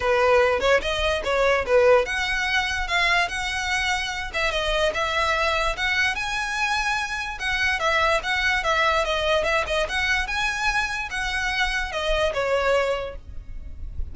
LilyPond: \new Staff \with { instrumentName = "violin" } { \time 4/4 \tempo 4 = 146 b'4. cis''8 dis''4 cis''4 | b'4 fis''2 f''4 | fis''2~ fis''8 e''8 dis''4 | e''2 fis''4 gis''4~ |
gis''2 fis''4 e''4 | fis''4 e''4 dis''4 e''8 dis''8 | fis''4 gis''2 fis''4~ | fis''4 dis''4 cis''2 | }